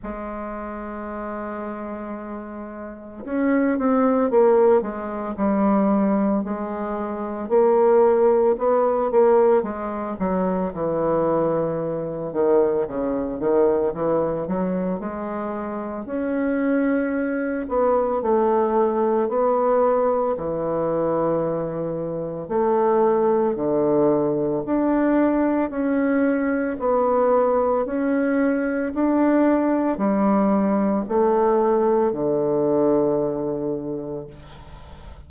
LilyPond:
\new Staff \with { instrumentName = "bassoon" } { \time 4/4 \tempo 4 = 56 gis2. cis'8 c'8 | ais8 gis8 g4 gis4 ais4 | b8 ais8 gis8 fis8 e4. dis8 | cis8 dis8 e8 fis8 gis4 cis'4~ |
cis'8 b8 a4 b4 e4~ | e4 a4 d4 d'4 | cis'4 b4 cis'4 d'4 | g4 a4 d2 | }